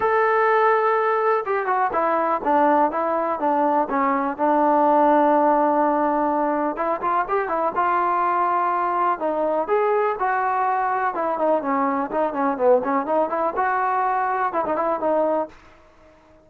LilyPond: \new Staff \with { instrumentName = "trombone" } { \time 4/4 \tempo 4 = 124 a'2. g'8 fis'8 | e'4 d'4 e'4 d'4 | cis'4 d'2.~ | d'2 e'8 f'8 g'8 e'8 |
f'2. dis'4 | gis'4 fis'2 e'8 dis'8 | cis'4 dis'8 cis'8 b8 cis'8 dis'8 e'8 | fis'2 e'16 dis'16 e'8 dis'4 | }